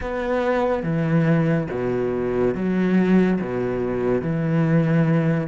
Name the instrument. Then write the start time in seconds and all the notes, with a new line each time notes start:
cello
0.00 B3
0.83 E3
1.70 B2
2.55 F#3
3.40 B2
4.21 E3